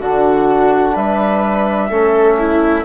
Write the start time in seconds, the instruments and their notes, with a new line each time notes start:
0.00 bassoon D3, trombone D4, viola F#4, flute F#5
0.93 bassoon G3, viola B4, flute E5
1.89 bassoon A3, trombone C#4, viola A4
2.38 viola E4